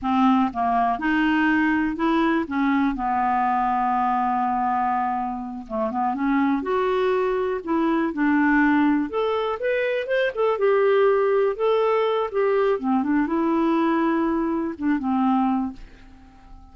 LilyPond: \new Staff \with { instrumentName = "clarinet" } { \time 4/4 \tempo 4 = 122 c'4 ais4 dis'2 | e'4 cis'4 b2~ | b2.~ b8 a8 | b8 cis'4 fis'2 e'8~ |
e'8 d'2 a'4 b'8~ | b'8 c''8 a'8 g'2 a'8~ | a'4 g'4 c'8 d'8 e'4~ | e'2 d'8 c'4. | }